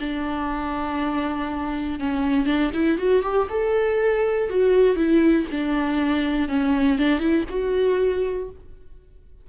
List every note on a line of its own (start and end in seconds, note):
0.00 2.00 D4
2.00 2.46 C#4
2.46 2.71 D4
2.73 2.98 E4
2.98 3.22 F#4
3.22 3.47 G4
3.50 4.50 A4
4.50 4.96 F#4
4.96 5.46 E4
5.51 6.48 D4
6.48 6.98 C#4
6.98 7.20 D4
7.20 7.45 E4
7.49 8.49 F#4